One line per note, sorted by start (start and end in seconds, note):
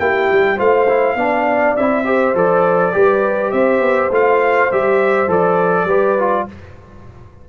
0.00 0.29 A#3
0.00 0.58 E4
0.00 0.56 G4
0.00 0.59 G5
0.32 0.60 G3
0.56 1.16 A3
0.56 0.87 F4
0.56 1.15 C5
0.56 1.77 F5
0.89 1.18 E4
1.16 1.75 B3
1.16 1.77 D4
1.16 2.06 D5
1.77 2.35 C4
1.77 2.05 E4
1.77 2.36 E5
2.05 2.34 G4
2.05 2.94 C5
2.35 2.94 F3
2.35 2.93 A4
2.35 3.52 D5
2.93 3.53 G3
2.93 4.11 G4
2.93 3.54 B4
3.52 3.80 C4
3.52 5.87 C5
3.52 4.10 E5
3.80 4.10 B3
4.10 4.69 A3
4.10 4.71 F4
4.10 4.72 F5
4.72 5.28 G3
4.72 5.28 G4
4.72 5.31 E5
5.28 5.85 F3
5.28 5.87 A4
5.28 6.49 D5
5.85 6.44 G3
5.85 6.19 G4
5.85 6.46 B4
6.19 6.48 F4